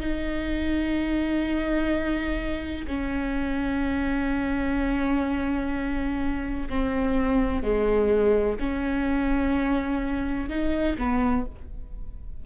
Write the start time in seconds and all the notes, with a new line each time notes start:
0.00 D#4
2.87 C#4
6.69 C4
7.63 G#3
8.59 C#4
10.49 D#4
10.98 B3